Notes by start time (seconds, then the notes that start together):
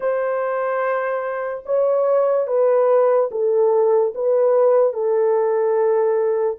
0.00 C5
1.65 C#5
2.47 B4
3.31 A4
4.14 B4
4.93 A4